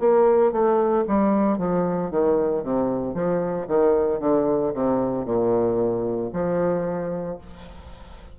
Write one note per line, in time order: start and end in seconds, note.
0.00 0.53 A#3
0.53 1.05 A3
1.08 1.58 G3
1.58 2.11 F3
2.11 2.64 D#3
2.64 3.14 C3
3.14 3.67 F3
3.68 4.20 D#3
4.20 4.73 D3
4.74 5.26 C3
5.26 6.31 A#2
6.33 7.38 F3